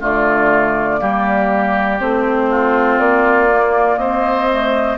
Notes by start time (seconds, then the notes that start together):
0.00 D3 A3 F4 D5
0.98 G3 A#3 G4
1.99 A3 C4 C5
2.50 F4
2.99 A#3 D5
3.50 A#3
3.98 C4 C5 D#5
4.50 A3